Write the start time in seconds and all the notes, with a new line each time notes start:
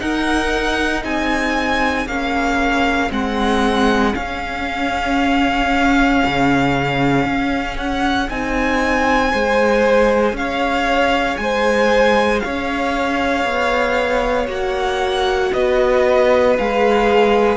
0.00 D#4 A#4 F#5
1.03 C4 G#4 G#5
2.07 A#3 C#4 F5
3.10 G#3 C4 F#5
4.13 C#4 F5
6.26 C#3
7.26 C#4
7.78 F#5
8.30 C4 D#4 G#5
9.31 G#3 G#4 C5
10.33 C#4 F5
10.39 C#5
11.37 G#3 C5 G#5
12.40 C#4 C#5 F5
13.45 B3
14.48 A#3 F#4 F#5
15.53 B3 B4 D#5
16.58 G#3 G#4 F5